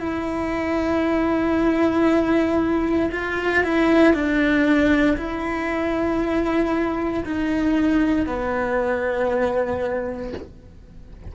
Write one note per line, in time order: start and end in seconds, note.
0.00 3.10 E4
3.12 3.63 F4
3.64 4.14 E4
4.14 5.17 D4
5.18 7.25 E4
7.25 8.27 D#4
8.27 10.34 B3